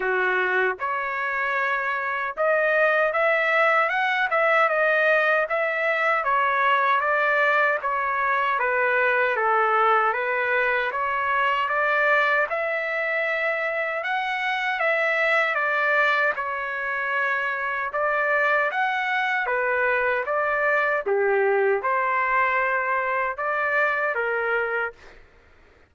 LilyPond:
\new Staff \with { instrumentName = "trumpet" } { \time 4/4 \tempo 4 = 77 fis'4 cis''2 dis''4 | e''4 fis''8 e''8 dis''4 e''4 | cis''4 d''4 cis''4 b'4 | a'4 b'4 cis''4 d''4 |
e''2 fis''4 e''4 | d''4 cis''2 d''4 | fis''4 b'4 d''4 g'4 | c''2 d''4 ais'4 | }